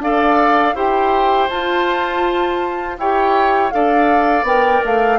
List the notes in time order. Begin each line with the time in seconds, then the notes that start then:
0.00 D4 A4 D5 F5
0.74 E4 G4 C5 G5
1.49 F4 A5
2.98 E4 G4 C#5 G5
3.71 D4 A4 D5 F5
4.43 B3 A#4 G5
4.85 A3 F5